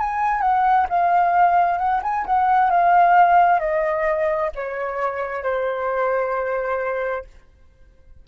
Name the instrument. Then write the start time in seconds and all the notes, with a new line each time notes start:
flute
0.00 G#5
0.42 F#5
0.90 F5
1.79 F#5
2.03 G#5
2.26 F#5
2.71 F5
3.60 D#5
4.56 C#5
5.44 C5